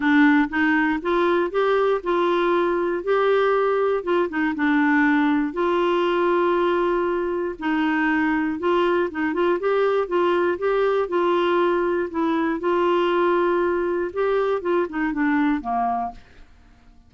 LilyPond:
\new Staff \with { instrumentName = "clarinet" } { \time 4/4 \tempo 4 = 119 d'4 dis'4 f'4 g'4 | f'2 g'2 | f'8 dis'8 d'2 f'4~ | f'2. dis'4~ |
dis'4 f'4 dis'8 f'8 g'4 | f'4 g'4 f'2 | e'4 f'2. | g'4 f'8 dis'8 d'4 ais4 | }